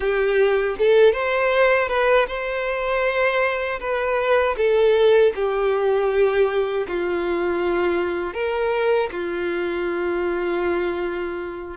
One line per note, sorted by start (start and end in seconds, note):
0.00 0.76 G4
0.78 1.13 A4
1.13 1.88 C5
1.88 2.26 B4
2.28 3.79 C5
3.79 4.55 B4
4.57 5.33 A4
5.35 6.87 G4
6.87 8.33 F4
8.33 9.09 A#4
9.11 11.77 F4